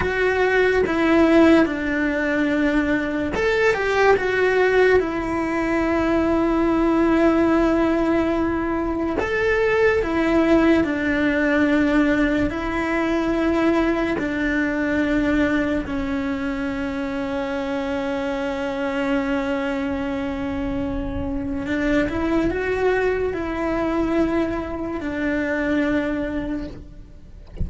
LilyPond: \new Staff \with { instrumentName = "cello" } { \time 4/4 \tempo 4 = 72 fis'4 e'4 d'2 | a'8 g'8 fis'4 e'2~ | e'2. a'4 | e'4 d'2 e'4~ |
e'4 d'2 cis'4~ | cis'1~ | cis'2 d'8 e'8 fis'4 | e'2 d'2 | }